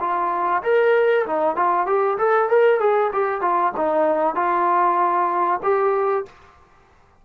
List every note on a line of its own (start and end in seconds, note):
0.00 0.62 F4
0.63 1.26 A#4
1.26 1.56 D#4
1.56 1.86 F4
1.86 2.18 G4
2.18 2.49 A4
2.49 2.80 A#4
2.80 3.11 G#4
3.13 3.41 G4
3.41 3.72 F4
3.77 4.35 D#4
4.35 5.60 F4
5.63 6.25 G4